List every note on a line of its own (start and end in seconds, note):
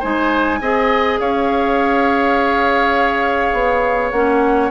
0.00 0.61 G#3
0.00 0.61 D#4
0.00 0.59 C5
0.00 1.20 G#5
0.61 1.19 C4
0.61 4.14 G#4
0.61 1.20 D#5
1.20 3.53 C#4
1.20 4.71 C#5
1.20 4.12 F5
3.53 4.12 B3
4.12 4.71 A#3
4.12 4.71 C#4
4.12 4.70 F#5